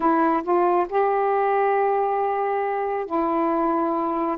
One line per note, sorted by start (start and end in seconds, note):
0.00 0.43 E4
0.43 0.87 F4
0.89 3.06 G4
3.06 4.37 E4